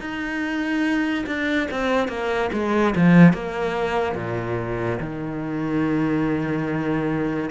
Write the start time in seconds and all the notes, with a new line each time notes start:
0.00 D#4
1.26 D4
1.71 C4
2.08 A#3
2.53 G#3
2.95 F3
3.33 A#3
4.16 A#2
5.00 D#3